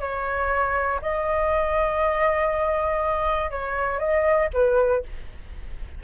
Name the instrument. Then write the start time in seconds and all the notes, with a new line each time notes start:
flute
0.00 C#5
1.02 D#5
3.51 C#5
3.99 D#5
4.53 B4